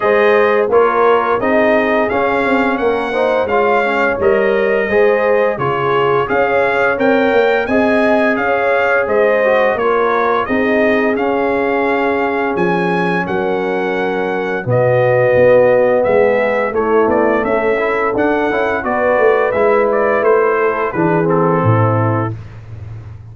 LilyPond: <<
  \new Staff \with { instrumentName = "trumpet" } { \time 4/4 \tempo 4 = 86 dis''4 cis''4 dis''4 f''4 | fis''4 f''4 dis''2 | cis''4 f''4 g''4 gis''4 | f''4 dis''4 cis''4 dis''4 |
f''2 gis''4 fis''4~ | fis''4 dis''2 e''4 | cis''8 d''8 e''4 fis''4 d''4 | e''8 d''8 c''4 b'8 a'4. | }
  \new Staff \with { instrumentName = "horn" } { \time 4/4 c''4 ais'4 gis'2 | ais'8 c''8 cis''2 c''4 | gis'4 cis''2 dis''4 | cis''4 c''4 ais'4 gis'4~ |
gis'2. ais'4~ | ais'4 fis'2 gis'4 | e'4 a'2 b'4~ | b'4. a'8 gis'4 e'4 | }
  \new Staff \with { instrumentName = "trombone" } { \time 4/4 gis'4 f'4 dis'4 cis'4~ | cis'8 dis'8 f'8 cis'8 ais'4 gis'4 | f'4 gis'4 ais'4 gis'4~ | gis'4. fis'8 f'4 dis'4 |
cis'1~ | cis'4 b2. | a4. e'8 d'8 e'8 fis'4 | e'2 d'8 c'4. | }
  \new Staff \with { instrumentName = "tuba" } { \time 4/4 gis4 ais4 c'4 cis'8 c'8 | ais4 gis4 g4 gis4 | cis4 cis'4 c'8 ais8 c'4 | cis'4 gis4 ais4 c'4 |
cis'2 f4 fis4~ | fis4 b,4 b4 gis4 | a8 b8 cis'4 d'8 cis'8 b8 a8 | gis4 a4 e4 a,4 | }
>>